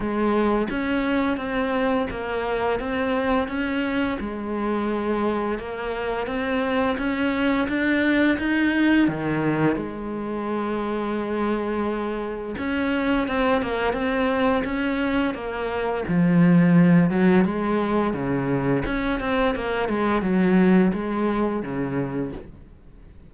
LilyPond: \new Staff \with { instrumentName = "cello" } { \time 4/4 \tempo 4 = 86 gis4 cis'4 c'4 ais4 | c'4 cis'4 gis2 | ais4 c'4 cis'4 d'4 | dis'4 dis4 gis2~ |
gis2 cis'4 c'8 ais8 | c'4 cis'4 ais4 f4~ | f8 fis8 gis4 cis4 cis'8 c'8 | ais8 gis8 fis4 gis4 cis4 | }